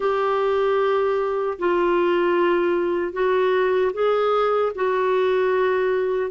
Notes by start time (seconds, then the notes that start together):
0.00 G4
1.58 F4
3.13 F#4
3.93 G#4
4.75 F#4